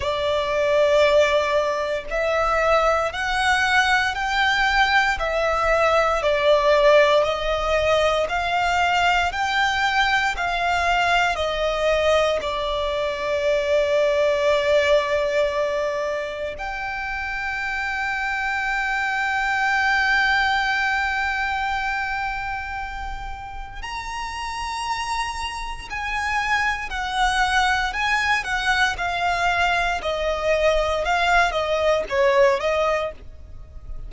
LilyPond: \new Staff \with { instrumentName = "violin" } { \time 4/4 \tempo 4 = 58 d''2 e''4 fis''4 | g''4 e''4 d''4 dis''4 | f''4 g''4 f''4 dis''4 | d''1 |
g''1~ | g''2. ais''4~ | ais''4 gis''4 fis''4 gis''8 fis''8 | f''4 dis''4 f''8 dis''8 cis''8 dis''8 | }